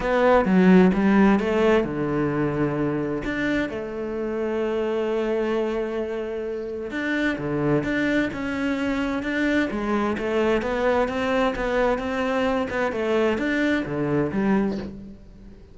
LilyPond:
\new Staff \with { instrumentName = "cello" } { \time 4/4 \tempo 4 = 130 b4 fis4 g4 a4 | d2. d'4 | a1~ | a2. d'4 |
d4 d'4 cis'2 | d'4 gis4 a4 b4 | c'4 b4 c'4. b8 | a4 d'4 d4 g4 | }